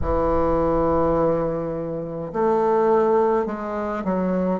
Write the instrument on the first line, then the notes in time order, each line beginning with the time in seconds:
bassoon
0.01 E3
2.32 A3
3.46 G#3
4.04 F#3